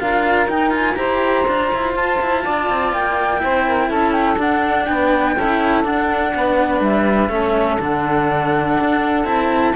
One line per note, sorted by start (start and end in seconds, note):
0.00 0.47 D4
0.00 0.49 F4
0.00 0.97 A#4
0.00 0.49 F5
0.47 0.96 D#4
0.47 0.71 D#4
0.47 0.74 G5
0.71 0.95 F4
0.71 0.95 G#5
0.95 1.46 E4
0.95 1.45 G4
0.95 2.44 C5
0.95 1.93 A#5
1.47 1.72 D4
1.47 3.39 F4
1.74 1.95 E4
1.95 2.19 F4
1.95 2.93 A5
2.22 2.46 E4
2.44 2.70 D4
2.44 3.41 D5
2.70 2.93 C4
2.93 3.42 A#3
2.93 3.91 G5
3.39 4.36 E4
3.39 3.67 C5
3.45 3.90 C4
3.68 3.88 A#4
3.88 4.37 C#4
3.88 4.86 A4
3.88 4.13 A5
4.13 4.37 G5
4.37 4.86 D4
4.37 5.36 D4
4.37 4.85 F#5
4.85 5.37 B3
4.85 5.35 B4
4.85 5.83 G5
5.35 5.85 C#4
5.35 5.84 E4
5.35 6.33 A4
5.84 7.30 D4
5.84 6.33 D4
5.84 6.82 F#5
6.35 6.81 B3
6.35 7.32 B4
6.81 7.29 G3
6.81 7.80 E5
7.29 7.78 A3
7.29 7.79 C#4
7.29 9.76 A4
7.80 8.78 D3
7.80 9.25 D4
7.80 9.28 F#5
8.81 9.24 D4
9.24 9.73 C4
9.24 9.74 E4
9.24 9.76 A5